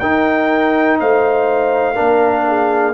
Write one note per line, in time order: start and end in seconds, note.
0.00 1.00 D#4
0.00 1.95 D#4
0.00 0.99 A#4
0.00 0.98 G5
1.00 1.99 A3
1.00 1.95 C5
1.00 2.94 F5
1.95 2.94 A#3
1.95 2.94 D4
1.95 2.44 A#4
2.48 2.94 G#4